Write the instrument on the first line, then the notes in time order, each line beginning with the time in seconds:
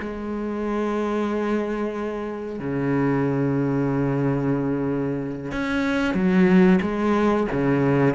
cello
0.00 G#3
2.59 C#3
5.52 C#4
6.14 F#3
6.82 G#3
7.52 C#3